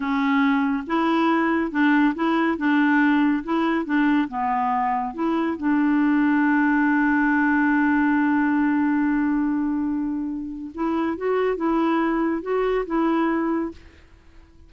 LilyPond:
\new Staff \with { instrumentName = "clarinet" } { \time 4/4 \tempo 4 = 140 cis'2 e'2 | d'4 e'4 d'2 | e'4 d'4 b2 | e'4 d'2.~ |
d'1~ | d'1~ | d'4 e'4 fis'4 e'4~ | e'4 fis'4 e'2 | }